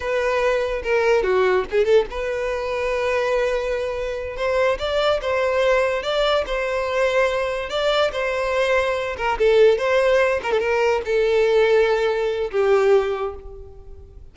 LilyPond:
\new Staff \with { instrumentName = "violin" } { \time 4/4 \tempo 4 = 144 b'2 ais'4 fis'4 | gis'8 a'8 b'2.~ | b'2~ b'8 c''4 d''8~ | d''8 c''2 d''4 c''8~ |
c''2~ c''8 d''4 c''8~ | c''2 ais'8 a'4 c''8~ | c''4 ais'16 a'16 ais'4 a'4.~ | a'2 g'2 | }